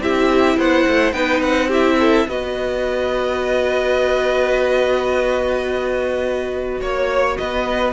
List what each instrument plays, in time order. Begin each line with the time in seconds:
0.00 cello C4, viola E4, violin G4 E5
0.57 cello B3, violin C5 F#5
0.87 cello A3
1.12 cello B3, viola D#4, violin B4 G5
1.40 cello C4, violin F#5
1.68 viola E4, violin G4 E5
1.99 violin A4
2.28 cello B3, viola F#4, violin B4 D#5
6.81 cello A#3, violin C#5
7.37 cello B3, violin B4 D#5